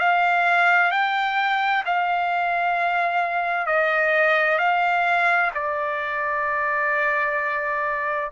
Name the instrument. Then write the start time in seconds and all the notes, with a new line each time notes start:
trumpet
0.00 F5
0.92 G5
1.86 F5
3.67 D#5
4.59 F5
5.55 D5